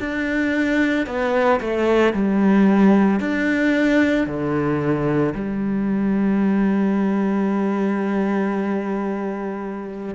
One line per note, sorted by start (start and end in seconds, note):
0.00 1.07 D4
1.07 1.60 B3
1.61 2.14 A3
2.14 3.20 G3
3.20 4.27 D4
4.27 5.34 D3
5.35 10.15 G3